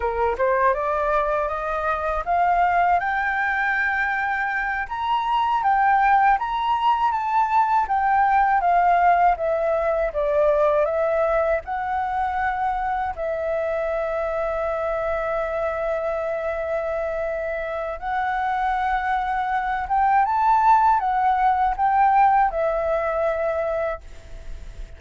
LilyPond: \new Staff \with { instrumentName = "flute" } { \time 4/4 \tempo 4 = 80 ais'8 c''8 d''4 dis''4 f''4 | g''2~ g''8 ais''4 g''8~ | g''8 ais''4 a''4 g''4 f''8~ | f''8 e''4 d''4 e''4 fis''8~ |
fis''4. e''2~ e''8~ | e''1 | fis''2~ fis''8 g''8 a''4 | fis''4 g''4 e''2 | }